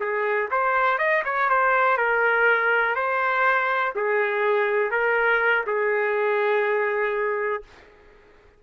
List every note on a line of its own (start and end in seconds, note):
0.00 0.49 G#4
0.51 0.98 C5
0.98 1.23 D#5
1.25 1.49 C#5
1.49 1.97 C5
1.97 2.95 A#4
2.95 3.94 C5
3.95 4.91 G#4
4.91 5.65 A#4
5.66 7.63 G#4